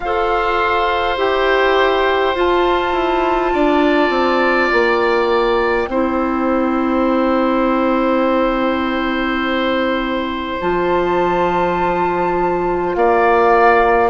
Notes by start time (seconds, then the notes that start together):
0.00 F4 A4 C5 F5
1.17 E4 G4 G5
2.34 F4 A5
2.92 E4
3.53 D4 D5
4.09 C4
4.70 A#3 G5
5.87 C4 E4 C5
10.60 F3 F4 A5
12.94 A#3 D5 F5